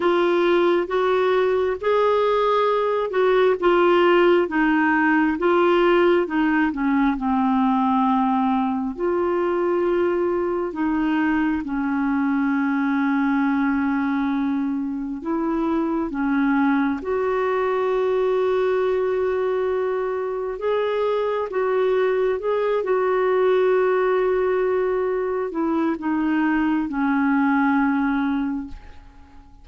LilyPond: \new Staff \with { instrumentName = "clarinet" } { \time 4/4 \tempo 4 = 67 f'4 fis'4 gis'4. fis'8 | f'4 dis'4 f'4 dis'8 cis'8 | c'2 f'2 | dis'4 cis'2.~ |
cis'4 e'4 cis'4 fis'4~ | fis'2. gis'4 | fis'4 gis'8 fis'2~ fis'8~ | fis'8 e'8 dis'4 cis'2 | }